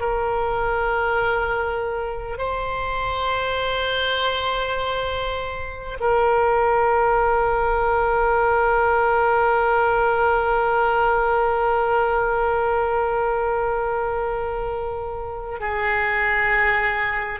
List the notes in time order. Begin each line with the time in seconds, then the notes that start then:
0.00 A#4
2.37 C5
6.00 A#4
15.60 G#4